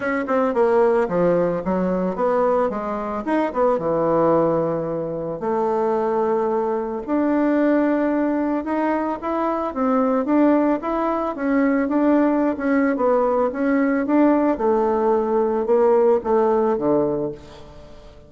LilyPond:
\new Staff \with { instrumentName = "bassoon" } { \time 4/4 \tempo 4 = 111 cis'8 c'8 ais4 f4 fis4 | b4 gis4 dis'8 b8 e4~ | e2 a2~ | a4 d'2. |
dis'4 e'4 c'4 d'4 | e'4 cis'4 d'4~ d'16 cis'8. | b4 cis'4 d'4 a4~ | a4 ais4 a4 d4 | }